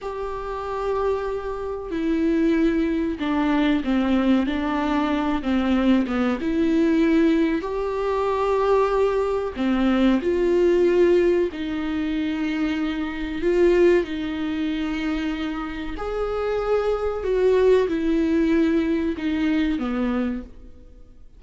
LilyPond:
\new Staff \with { instrumentName = "viola" } { \time 4/4 \tempo 4 = 94 g'2. e'4~ | e'4 d'4 c'4 d'4~ | d'8 c'4 b8 e'2 | g'2. c'4 |
f'2 dis'2~ | dis'4 f'4 dis'2~ | dis'4 gis'2 fis'4 | e'2 dis'4 b4 | }